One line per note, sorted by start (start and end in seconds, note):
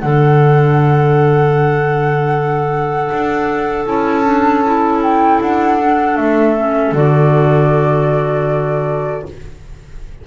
0.00 3.11 D3
0.00 3.86 D4
0.00 9.26 A4
0.00 3.85 F#5
3.13 3.86 D4
3.86 5.40 C#4
3.86 4.25 E4
3.86 5.02 A5
4.25 4.64 D4
4.66 5.81 E4
5.03 5.41 G5
5.41 6.17 D4
5.41 6.17 F#5
5.81 6.57 D4
6.17 6.92 A3
6.17 6.94 E5
6.57 6.96 C#4
6.92 9.23 D3
6.92 9.26 F#4
6.92 9.27 D5